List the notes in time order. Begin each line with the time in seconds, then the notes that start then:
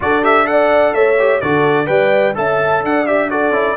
0.00 D4 F#4 A4 D5
0.22 G4 E5
0.44 A4 D5 F#5
0.94 A3 C#5 E5
1.19 G4
1.41 D3 F#4 A4 D5
1.86 G3 B4 D5 G5
2.34 C#4 A4 E5 A5
2.83 D4 D5 F#5
3.06 G4 E5
3.30 F#4 A4 D5
3.50 C#4 E4